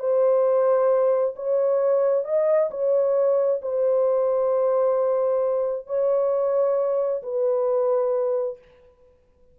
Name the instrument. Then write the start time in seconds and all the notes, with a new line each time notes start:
horn
0.00 C5
1.37 C#5
2.25 D#5
2.71 C#5
3.63 C5
5.87 C#5
7.23 B4